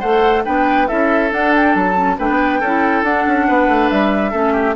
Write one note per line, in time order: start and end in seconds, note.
0.00 0.46 A3
0.00 0.45 A4
0.00 0.43 C5
0.00 0.44 F#5
0.45 0.90 B3
0.45 0.88 D4
0.45 0.88 B4
0.45 0.88 G5
0.88 1.32 C#4
0.88 1.31 E4
0.88 2.18 A4
0.88 1.31 E5
1.31 1.95 D4
1.31 1.75 D4
1.31 1.54 F#5
1.56 1.76 G5
1.75 2.19 F#3
1.75 2.19 A5
1.95 2.16 C#4
2.19 2.29 A3
2.19 2.62 D4
2.19 2.60 B4
2.19 3.04 G5
2.29 2.61 B3
2.60 3.03 C#4
2.60 3.06 E4
2.60 3.46 A4
3.03 3.25 D4
3.03 4.33 D4
3.03 3.90 F#5
3.28 3.49 C#4
3.48 3.69 B3
3.48 4.31 B4
3.69 3.90 A3
3.90 4.33 G3
3.90 4.76 E5
4.31 4.76 A3
4.31 4.76 C#4
4.31 4.53 A4
4.53 4.74 G4